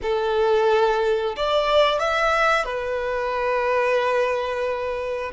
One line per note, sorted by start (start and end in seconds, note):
0.02 1.35 A4
1.36 1.99 D5
1.99 2.65 E5
2.65 5.31 B4